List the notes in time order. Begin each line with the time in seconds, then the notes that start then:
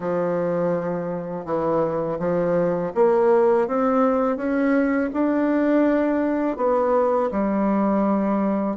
0.00 F3
1.45 E3
2.19 F3
2.94 A#3
3.67 C4
4.37 C#4
5.13 D4
6.56 B3
7.31 G3